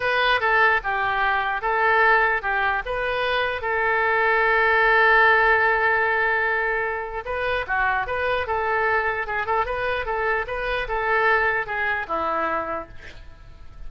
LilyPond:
\new Staff \with { instrumentName = "oboe" } { \time 4/4 \tempo 4 = 149 b'4 a'4 g'2 | a'2 g'4 b'4~ | b'4 a'2.~ | a'1~ |
a'2 b'4 fis'4 | b'4 a'2 gis'8 a'8 | b'4 a'4 b'4 a'4~ | a'4 gis'4 e'2 | }